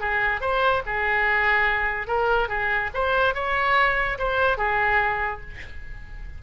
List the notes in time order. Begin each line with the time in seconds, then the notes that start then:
0.00 G#4
0.41 C5
0.86 G#4
2.07 A#4
2.48 G#4
2.94 C5
3.34 C#5
4.19 C5
4.58 G#4